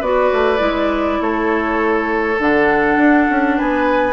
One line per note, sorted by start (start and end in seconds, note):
0.00 0.31 B3
0.00 0.58 F#4
0.00 1.19 B4
0.00 1.21 D5
0.33 0.60 A3
0.58 1.20 G#3
0.58 2.36 E4
1.21 2.39 A3
1.21 3.58 A4
1.21 2.40 C#5
2.39 2.97 D3
2.39 4.13 D4
2.39 3.59 F#5
2.97 3.27 D4
3.30 3.60 C#4
3.58 4.13 B3
3.58 4.13 B4
3.58 4.13 G#5